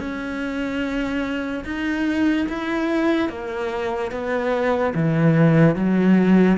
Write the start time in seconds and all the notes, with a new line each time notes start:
0.00 C#4
1.65 D#4
2.50 E4
3.30 A#3
4.12 B3
4.95 E3
5.76 F#3